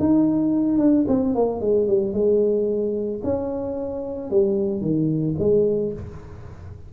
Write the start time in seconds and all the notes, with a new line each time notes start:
0.00 D#4
0.79 D4
1.08 C4
1.35 A#3
1.61 G#3
1.88 G3
2.14 G#3
3.24 C#4
4.30 G3
4.82 D#3
5.39 G#3